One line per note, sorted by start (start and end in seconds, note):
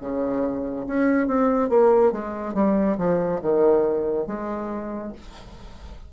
0.00 0.86 C#3
0.86 1.27 C#4
1.27 1.69 C4
1.69 2.12 A#3
2.12 2.54 G#3
2.54 2.97 G3
2.98 3.41 F3
3.42 4.27 D#3
4.27 5.12 G#3